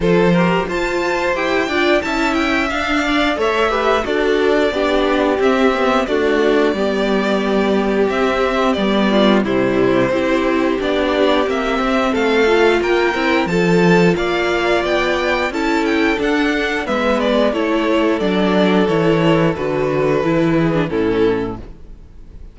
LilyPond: <<
  \new Staff \with { instrumentName = "violin" } { \time 4/4 \tempo 4 = 89 c''4 a''4 g''4 a''8 g''8 | f''4 e''4 d''2 | e''4 d''2. | e''4 d''4 c''2 |
d''4 e''4 f''4 g''4 | a''4 f''4 g''4 a''8 g''8 | fis''4 e''8 d''8 cis''4 d''4 | cis''4 b'2 a'4 | }
  \new Staff \with { instrumentName = "violin" } { \time 4/4 a'8 ais'8 c''4. d''8 e''4~ | e''8 d''8 cis''8 b'8 a'4 g'4~ | g'4 fis'4 g'2~ | g'4. f'8 e'4 g'4~ |
g'2 a'4 ais'4 | a'4 d''2 a'4~ | a'4 b'4 a'2~ | a'2~ a'8 gis'8 e'4 | }
  \new Staff \with { instrumentName = "viola" } { \time 4/4 f'8 g'8 f'4 g'8 f'8 e'4 | d'4 a'8 g'8 fis'4 d'4 | c'8 b8 a4 b2 | c'4 b4 g4 e'4 |
d'4 c'4. f'4 e'8 | f'2. e'4 | d'4 b4 e'4 d'4 | e'4 fis'4 e'8. d'16 cis'4 | }
  \new Staff \with { instrumentName = "cello" } { \time 4/4 f4 f'4 e'8 d'8 cis'4 | d'4 a4 d'4 b4 | c'4 d'4 g2 | c'4 g4 c4 c'4 |
b4 ais8 c'8 a4 ais8 c'8 | f4 ais4 b4 cis'4 | d'4 gis4 a4 fis4 | e4 d4 e4 a,4 | }
>>